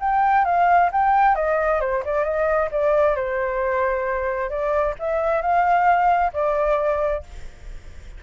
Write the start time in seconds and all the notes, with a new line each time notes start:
0.00 G5
0.45 F5
0.92 G5
1.36 D#5
1.81 C5
2.05 D5
2.24 D#5
2.71 D5
3.16 C5
4.50 D5
4.99 E5
5.42 F5
6.33 D5